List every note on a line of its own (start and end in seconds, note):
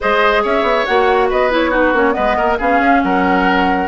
0.00 0.44 G#3
0.00 0.87 G#4
0.00 0.43 C5
0.00 0.44 D#5
0.43 0.62 C#4
0.43 1.29 C#5
0.43 0.85 E5
0.62 0.84 B3
0.85 1.31 A#3
0.85 1.50 F#4
0.85 1.29 F#5
1.29 1.92 B3
1.29 1.70 B4
1.29 1.52 D#5
1.50 1.71 E4
1.50 1.75 C#5
1.70 1.93 D#4
1.70 2.13 F#4
1.70 1.96 B4
1.92 2.14 A#3
1.92 2.12 C#4
1.92 2.14 C#5
2.12 2.55 B3
2.12 2.36 B4
2.12 2.57 D#5
2.18 2.37 G#3
2.36 2.58 A#3
2.36 2.57 A#4
2.57 2.80 B3
2.57 3.87 C#4
2.57 3.01 G#4
2.57 3.02 F5
2.80 3.01 C#4
3.02 3.87 F#3
3.02 3.87 A#4
3.02 3.87 F#5